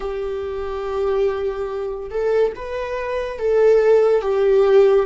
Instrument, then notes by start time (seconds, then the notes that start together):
viola
0.00 G4
2.10 A4
2.55 B4
3.38 A4
4.21 G4